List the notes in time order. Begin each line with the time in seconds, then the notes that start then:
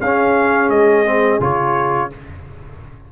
0.00 C#4 G#4 F5
0.69 G#3 D#5
1.06 C4
1.40 C#3 F4 C#5